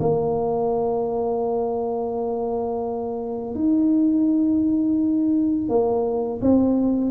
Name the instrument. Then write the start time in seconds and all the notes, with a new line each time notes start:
tuba
0.00 A#3
3.55 D#4
5.69 A#3
6.42 C4